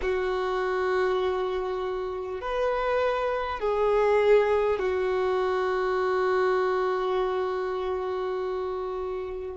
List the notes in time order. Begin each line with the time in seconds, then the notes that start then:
0.01 F#4
2.41 B4
3.59 G#4
4.79 F#4